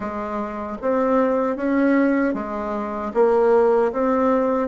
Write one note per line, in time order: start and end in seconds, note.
0.00 0.77 G#3
0.81 1.56 C4
1.56 2.34 C#4
2.34 3.12 G#3
3.14 3.92 A#3
3.92 4.68 C4